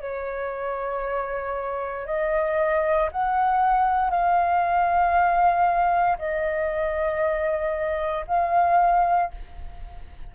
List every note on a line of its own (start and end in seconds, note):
0.00 2.06 C#5
2.06 3.09 D#5
3.12 4.10 F#5
4.10 6.17 F5
6.18 8.25 D#5
8.27 9.31 F5